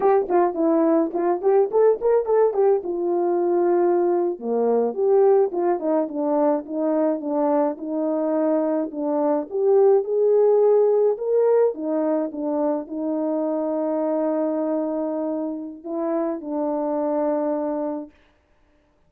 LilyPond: \new Staff \with { instrumentName = "horn" } { \time 4/4 \tempo 4 = 106 g'8 f'8 e'4 f'8 g'8 a'8 ais'8 | a'8 g'8 f'2~ f'8. ais16~ | ais8. g'4 f'8 dis'8 d'4 dis'16~ | dis'8. d'4 dis'2 d'16~ |
d'8. g'4 gis'2 ais'16~ | ais'8. dis'4 d'4 dis'4~ dis'16~ | dis'1 | e'4 d'2. | }